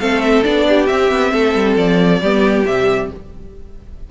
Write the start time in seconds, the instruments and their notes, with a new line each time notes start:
0.00 cello A3, viola C4, violin A4 F5
0.21 violin E5
0.43 cello B3, viola D4, violin D5
0.68 violin G4
0.86 viola C4, cello C4, violin E5
1.11 cello B3
1.33 cello A3, violin A4
1.55 cello G3
1.77 cello F3, violin D5
2.20 cello G3, viola B3, violin G4
2.66 cello C3, viola G3, violin E5